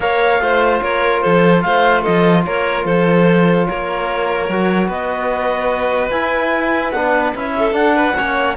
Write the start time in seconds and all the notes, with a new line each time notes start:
0.00 A#3 A#4 C#5 F5
0.40 A3 F4 C5
0.81 A#3 A#4 C#5
1.21 F3 A4 C5
1.61 A3 C5 F5
2.01 F3 A4 D#5
2.45 A#3 A#4 C#5
2.84 F3 A4 C5
3.66 A#3 A#4 C#5
4.48 F#3 F#4
4.87 B3 B4 D#5
6.10 E4 G#5
6.90 B3 D4 F#5
7.35 C#4 E4 E5
7.58 A4
7.71 D4 F#5
7.96 B4
8.16 A#3 C#4 C#5